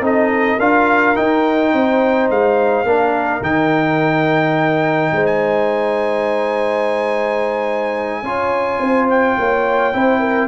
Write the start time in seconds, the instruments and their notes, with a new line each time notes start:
0.00 tuba C4, trombone D#4, horn A4, trumpet D#5
0.58 tuba D4, trombone F4, horn A#4, trumpet F5
1.15 trombone D#4, tuba D#4, trumpet G5
1.73 tuba C4, horn C5
2.29 tuba G#3, trumpet F5
2.84 tuba A#3, trombone D4, horn A#4
3.41 tuba D#3, trombone D#4, trumpet G5
5.12 tuba G#3, horn C5
5.26 trumpet G#5
8.22 tuba C#4, trombone F4, horn C#5
8.80 tuba C4, horn C5
9.09 trumpet G5
9.37 tuba A#3, horn C#5
9.93 tuba C4, trombone E4, horn C5
10.20 horn A#4